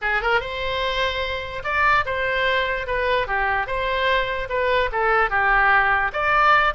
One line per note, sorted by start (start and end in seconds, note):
0.01 0.22 G#4
0.22 0.40 A#4
0.40 1.62 C5
1.63 2.04 D5
2.05 2.86 C5
2.86 3.27 B4
3.27 3.66 G4
3.66 4.48 C5
4.49 4.90 B4
4.92 5.30 A4
5.30 6.11 G4
6.12 6.73 D5